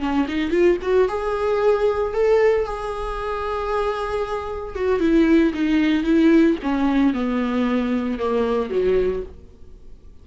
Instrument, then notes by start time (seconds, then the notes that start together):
viola
0.00 C#4
0.28 D#4
0.51 F4
0.82 F#4
1.08 G#4
2.14 A4
2.65 G#4
4.75 F#4
5.00 E4
5.54 D#4
6.03 E4
6.63 C#4
7.13 B3
8.19 A#3
8.70 F#3